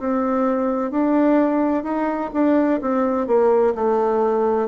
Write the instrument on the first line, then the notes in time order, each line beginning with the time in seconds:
bassoon
0.00 C4
0.92 D4
1.84 D#4
2.34 D4
2.82 C4
3.27 A#3
3.75 A3